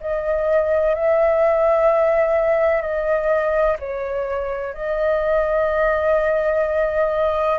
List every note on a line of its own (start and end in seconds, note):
0.00 0.94 D#5
0.94 2.81 E5
2.81 3.77 D#5
3.79 4.73 C#5
4.73 7.59 D#5